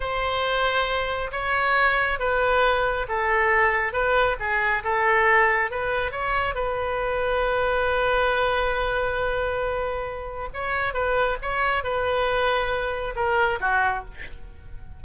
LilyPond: \new Staff \with { instrumentName = "oboe" } { \time 4/4 \tempo 4 = 137 c''2. cis''4~ | cis''4 b'2 a'4~ | a'4 b'4 gis'4 a'4~ | a'4 b'4 cis''4 b'4~ |
b'1~ | b'1 | cis''4 b'4 cis''4 b'4~ | b'2 ais'4 fis'4 | }